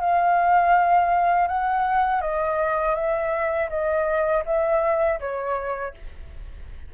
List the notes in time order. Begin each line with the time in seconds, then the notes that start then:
0.00 F5
1.48 F#5
2.22 D#5
2.95 E5
3.70 D#5
4.46 E5
5.20 C#5